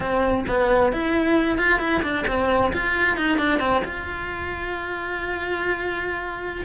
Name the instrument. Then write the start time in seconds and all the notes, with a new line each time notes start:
cello
0.00 C4
0.48 B3
0.92 E4
1.57 F4
1.79 E4
2.02 D4
2.27 C4
2.72 F4
3.17 D#4
3.38 D4
3.59 C4
3.84 F4